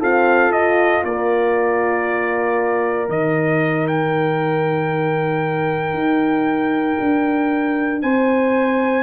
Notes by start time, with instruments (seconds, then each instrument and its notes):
0.00 horn C4 A4, tuba F4, trumpet F5
0.52 horn F4, trumpet D#5
1.03 tuba A#3, horn A#4, trumpet D5
3.08 tuba D#3, horn D#4, trumpet D#5
3.87 trumpet G5
5.93 tuba D#4
6.99 tuba D4
8.01 tuba C4, horn C5, trumpet G#5